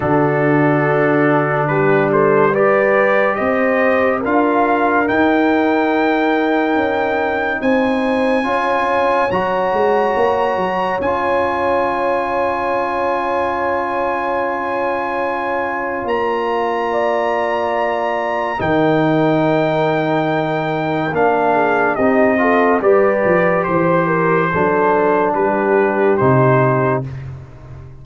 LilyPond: <<
  \new Staff \with { instrumentName = "trumpet" } { \time 4/4 \tempo 4 = 71 a'2 b'8 c''8 d''4 | dis''4 f''4 g''2~ | g''4 gis''2 ais''4~ | ais''4 gis''2.~ |
gis''2. ais''4~ | ais''2 g''2~ | g''4 f''4 dis''4 d''4 | c''2 b'4 c''4 | }
  \new Staff \with { instrumentName = "horn" } { \time 4/4 fis'2 g'8 a'8 b'4 | c''4 ais'2.~ | ais'4 c''4 cis''2~ | cis''1~ |
cis''1 | d''2 ais'2~ | ais'4. gis'8 g'8 a'8 b'4 | c''8 ais'8 a'4 g'2 | }
  \new Staff \with { instrumentName = "trombone" } { \time 4/4 d'2. g'4~ | g'4 f'4 dis'2~ | dis'2 f'4 fis'4~ | fis'4 f'2.~ |
f'1~ | f'2 dis'2~ | dis'4 d'4 dis'8 f'8 g'4~ | g'4 d'2 dis'4 | }
  \new Staff \with { instrumentName = "tuba" } { \time 4/4 d2 g2 | c'4 d'4 dis'2 | cis'4 c'4 cis'4 fis8 gis8 | ais8 fis8 cis'2.~ |
cis'2. ais4~ | ais2 dis2~ | dis4 ais4 c'4 g8 f8 | e4 fis4 g4 c4 | }
>>